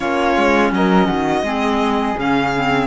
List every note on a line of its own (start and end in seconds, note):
0.00 0.36 A#3
0.00 1.43 C#4
0.00 0.72 F4
0.00 0.71 C#5
0.36 0.72 G#3
0.72 1.08 F#3
0.72 1.05 A#4
0.72 2.19 D#5
1.05 1.42 D#3
1.05 1.41 F#4
1.42 2.14 G#3
1.42 2.16 C4
1.42 2.87 G#4
2.16 2.87 C#3
2.16 2.52 C#4
2.16 2.87 F5
2.55 2.87 C4